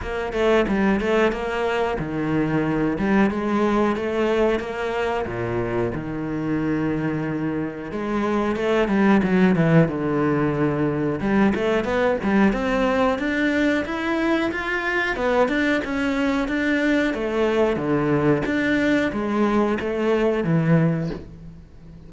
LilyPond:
\new Staff \with { instrumentName = "cello" } { \time 4/4 \tempo 4 = 91 ais8 a8 g8 a8 ais4 dis4~ | dis8 g8 gis4 a4 ais4 | ais,4 dis2. | gis4 a8 g8 fis8 e8 d4~ |
d4 g8 a8 b8 g8 c'4 | d'4 e'4 f'4 b8 d'8 | cis'4 d'4 a4 d4 | d'4 gis4 a4 e4 | }